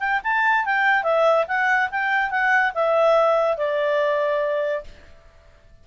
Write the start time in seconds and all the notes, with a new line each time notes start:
0.00 G5
0.24 A5
0.65 G5
1.04 E5
1.48 F#5
1.91 G5
2.31 F#5
2.75 E5
3.58 D5